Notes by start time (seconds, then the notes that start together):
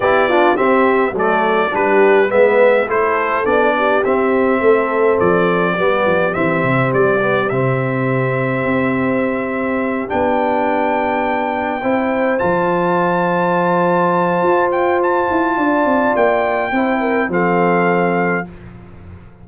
0.00 B3 E4 G4 D5
0.28 D4 F4
0.55 C4 G4 E5
1.11 F#3 A3 A4
1.18 D5
1.70 G3 D4 G4 B4
2.29 G#3 B3 B4 E5
2.87 A3 E4 A4 C5
3.45 B3 D4 D5
3.77 G4
4.04 C4 E5
4.60 A3 A4
5.19 F3 D5
5.74 G3 B3 G4
6.06 F3
6.33 E3 C4 E5
6.63 C3
6.93 G3 D5
7.20 B3
7.49 C3 C4 E5
8.64 C4
10.07 B3 D4 G5
11.81 C4 E4 C5
12.38 F3 F4 A5
14.42 F4
14.71 G5
15.02 A5
15.30 E4
15.57 D4 D5
15.85 C4
16.15 A#3 G5
16.71 C4 E4 C5
17.00 A#4
17.28 F3 C4 A4 F5